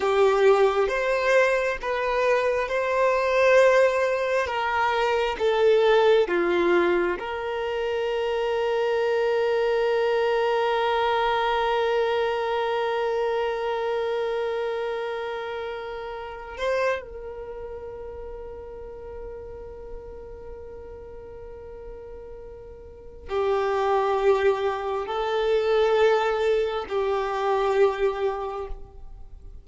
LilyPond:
\new Staff \with { instrumentName = "violin" } { \time 4/4 \tempo 4 = 67 g'4 c''4 b'4 c''4~ | c''4 ais'4 a'4 f'4 | ais'1~ | ais'1~ |
ais'2~ ais'8 c''8 ais'4~ | ais'1~ | ais'2 g'2 | a'2 g'2 | }